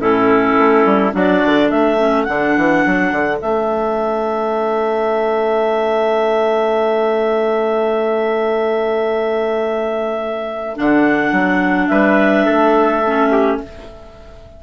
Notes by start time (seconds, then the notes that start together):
0.00 A2 C#4 E4 A4
0.58 A3
0.85 G3
1.12 F#3 D4 F#4 D5
1.46 D3
1.69 A3 A4 E5
1.99 C#4
2.24 D3 D4 F#5
2.57 E3
2.86 F#3
3.12 D3
3.40 A3 C#4 E5
10.76 D3 D4 F#5
11.32 F#3
11.88 G3 B4 E5
12.46 A3 A4
13.07 C#4
13.32 G4